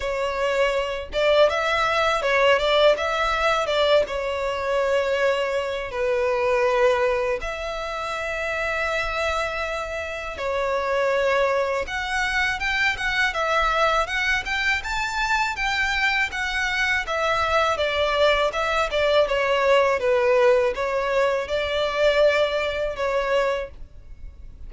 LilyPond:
\new Staff \with { instrumentName = "violin" } { \time 4/4 \tempo 4 = 81 cis''4. d''8 e''4 cis''8 d''8 | e''4 d''8 cis''2~ cis''8 | b'2 e''2~ | e''2 cis''2 |
fis''4 g''8 fis''8 e''4 fis''8 g''8 | a''4 g''4 fis''4 e''4 | d''4 e''8 d''8 cis''4 b'4 | cis''4 d''2 cis''4 | }